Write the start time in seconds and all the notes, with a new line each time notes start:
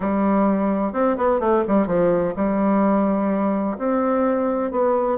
0.00 G3
0.92 C4
1.17 B3
1.40 A3
1.67 G3
1.86 F3
2.36 G3
3.78 C4
4.71 B3